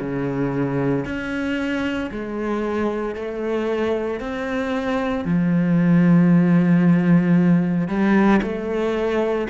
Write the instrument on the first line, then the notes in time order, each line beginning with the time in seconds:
cello
0.00 C#3
1.05 C#4
2.11 G#3
3.15 A3
4.20 C4
5.25 F3
7.88 G3
8.42 A3